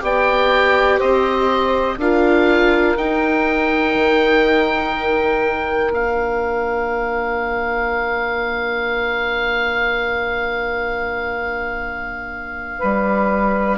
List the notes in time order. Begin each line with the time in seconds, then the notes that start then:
0.00 B3 G4 D5 G5
0.98 C4 C5 D#5
1.97 D4 F4 A#4 F5
2.97 D#4 G5
3.94 D#3
5.90 A#3 D4 F5
12.78 G3 B4